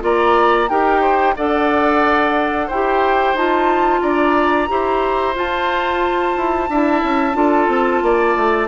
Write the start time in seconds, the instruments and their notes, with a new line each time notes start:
0.00 bassoon A#3, clarinet F4, oboe D5, flute A#5
0.69 bassoon D#4, clarinet G4, oboe A#4, flute G5
1.00 oboe C5
1.36 bassoon D4, clarinet A4, oboe D5, flute F#5
2.67 bassoon E4, oboe C5, flute G5
2.73 clarinet G4
3.34 bassoon D#4, clarinet F4, flute A5
4.01 bassoon D4, oboe D5, flute A#5
4.67 bassoon E4, clarinet G4, oboe C5
5.35 clarinet F4, bassoon F4, flute A5
6.36 bassoon E4
6.69 bassoon D4, clarinet E4, oboe E5
7.03 bassoon C#4
7.33 bassoon D4, clarinet F4, oboe A4
7.67 bassoon C4
8.02 bassoon A#3, oboe D5
8.36 bassoon A3